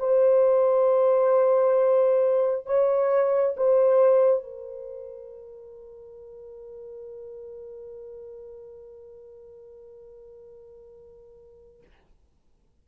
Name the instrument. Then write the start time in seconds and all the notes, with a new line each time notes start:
horn
0.00 C5
2.67 C#5
3.57 C5
4.44 A#4